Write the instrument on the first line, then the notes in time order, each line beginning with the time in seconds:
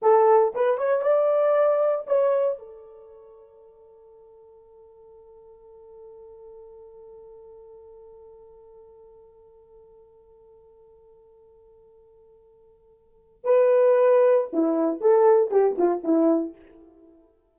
horn
0.01 A4
0.54 B4
0.77 C#5
1.01 D5
2.06 C#5
2.58 A4
13.44 B4
14.53 E4
15.00 A4
15.51 G4
15.78 F4
16.03 E4